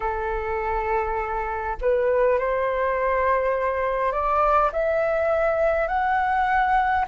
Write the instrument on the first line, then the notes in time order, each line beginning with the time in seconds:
flute
0.00 A4
1.81 B4
2.39 C5
4.12 D5
4.72 E5
5.87 F#5